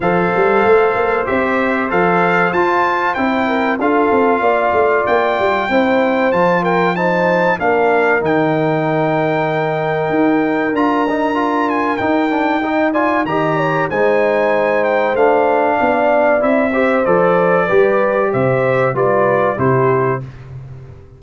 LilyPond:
<<
  \new Staff \with { instrumentName = "trumpet" } { \time 4/4 \tempo 4 = 95 f''2 e''4 f''4 | a''4 g''4 f''2 | g''2 a''8 g''8 a''4 | f''4 g''2.~ |
g''4 ais''4. gis''8 g''4~ | g''8 gis''8 ais''4 gis''4. g''8 | f''2 e''4 d''4~ | d''4 e''4 d''4 c''4 | }
  \new Staff \with { instrumentName = "horn" } { \time 4/4 c''1~ | c''4. ais'8 a'4 d''4~ | d''4 c''4. ais'8 c''4 | ais'1~ |
ais'1 | dis''8 d''8 dis''8 cis''8 c''2~ | c''4 d''4. c''4. | b'4 c''4 b'4 g'4 | }
  \new Staff \with { instrumentName = "trombone" } { \time 4/4 a'2 g'4 a'4 | f'4 e'4 f'2~ | f'4 e'4 f'4 dis'4 | d'4 dis'2.~ |
dis'4 f'8 dis'8 f'4 dis'8 d'8 | dis'8 f'8 g'4 dis'2 | d'2 e'8 g'8 a'4 | g'2 f'4 e'4 | }
  \new Staff \with { instrumentName = "tuba" } { \time 4/4 f8 g8 a8 ais8 c'4 f4 | f'4 c'4 d'8 c'8 ais8 a8 | ais8 g8 c'4 f2 | ais4 dis2. |
dis'4 d'2 dis'4~ | dis'4 dis4 gis2 | a4 b4 c'4 f4 | g4 c4 g4 c4 | }
>>